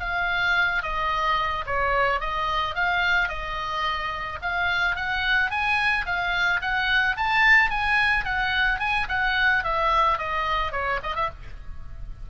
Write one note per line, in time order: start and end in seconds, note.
0.00 0.83 F5
0.83 1.65 D#5
1.66 2.20 C#5
2.20 2.75 D#5
2.75 3.29 F5
3.29 4.39 D#5
4.42 4.96 F5
4.96 5.50 F#5
5.50 6.06 G#5
6.06 6.61 F5
6.61 7.16 F#5
7.17 7.70 A5
7.70 8.25 G#5
8.25 8.79 F#5
8.79 9.07 G#5
9.09 9.64 F#5
9.64 10.18 E5
10.18 10.72 D#5
10.72 10.99 C#5
11.03 11.16 D#5
11.16 11.29 E5